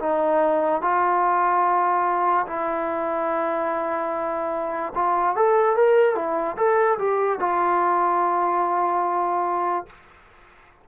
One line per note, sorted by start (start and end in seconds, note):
0.00 0.82 D#4
0.82 2.46 F4
2.47 4.93 E4
4.95 5.36 F4
5.36 5.76 A4
5.76 6.15 A#4
6.15 6.56 E4
6.57 6.98 A4
6.99 7.40 G4
7.40 9.87 F4